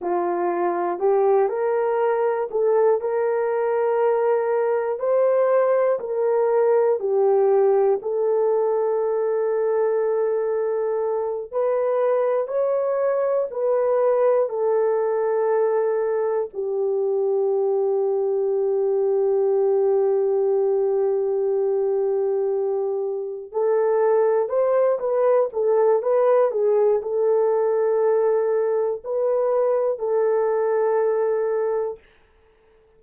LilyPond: \new Staff \with { instrumentName = "horn" } { \time 4/4 \tempo 4 = 60 f'4 g'8 ais'4 a'8 ais'4~ | ais'4 c''4 ais'4 g'4 | a'2.~ a'8 b'8~ | b'8 cis''4 b'4 a'4.~ |
a'8 g'2.~ g'8~ | g'2.~ g'8 a'8~ | a'8 c''8 b'8 a'8 b'8 gis'8 a'4~ | a'4 b'4 a'2 | }